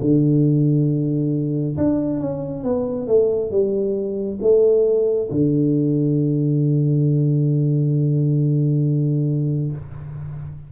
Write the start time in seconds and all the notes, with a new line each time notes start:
0.00 D3
1.77 D4
2.20 C#4
2.64 B3
3.07 A3
3.51 G3
4.41 A3
5.31 D3